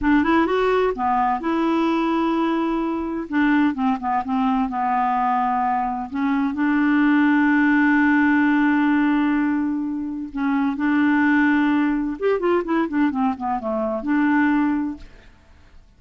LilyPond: \new Staff \with { instrumentName = "clarinet" } { \time 4/4 \tempo 4 = 128 d'8 e'8 fis'4 b4 e'4~ | e'2. d'4 | c'8 b8 c'4 b2~ | b4 cis'4 d'2~ |
d'1~ | d'2 cis'4 d'4~ | d'2 g'8 f'8 e'8 d'8 | c'8 b8 a4 d'2 | }